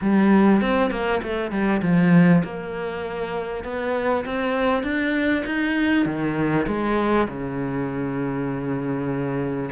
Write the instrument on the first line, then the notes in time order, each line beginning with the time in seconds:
cello
0.01 G3
0.61 C4
0.90 A#3
1.22 A3
1.51 G3
1.82 F3
2.44 A#3
3.64 B3
4.25 C4
4.83 D4
5.45 D#4
6.05 D#3
6.67 G#3
7.28 C#3